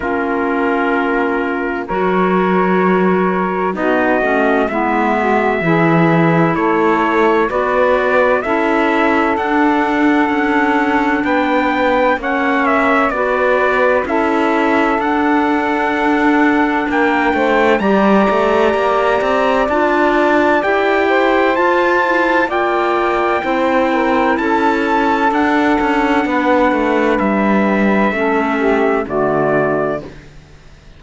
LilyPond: <<
  \new Staff \with { instrumentName = "trumpet" } { \time 4/4 \tempo 4 = 64 ais'2 cis''2 | dis''4 e''2 cis''4 | d''4 e''4 fis''2 | g''4 fis''8 e''8 d''4 e''4 |
fis''2 g''4 ais''4~ | ais''4 a''4 g''4 a''4 | g''2 a''4 fis''4~ | fis''4 e''2 d''4 | }
  \new Staff \with { instrumentName = "saxophone" } { \time 4/4 f'2 ais'2 | fis'4 e'8 fis'8 gis'4 a'4 | b'4 a'2. | b'4 cis''4 b'4 a'4~ |
a'2 ais'8 c''8 d''4~ | d''2~ d''8 c''4. | d''4 c''8 ais'8 a'2 | b'2 a'8 g'8 fis'4 | }
  \new Staff \with { instrumentName = "clarinet" } { \time 4/4 cis'2 fis'2 | dis'8 cis'8 b4 e'2 | fis'4 e'4 d'2~ | d'4 cis'4 fis'4 e'4 |
d'2. g'4~ | g'4 f'4 g'4 f'8 e'8 | f'4 e'2 d'4~ | d'2 cis'4 a4 | }
  \new Staff \with { instrumentName = "cello" } { \time 4/4 ais2 fis2 | b8 a8 gis4 e4 a4 | b4 cis'4 d'4 cis'4 | b4 ais4 b4 cis'4 |
d'2 ais8 a8 g8 a8 | ais8 c'8 d'4 e'4 f'4 | ais4 c'4 cis'4 d'8 cis'8 | b8 a8 g4 a4 d4 | }
>>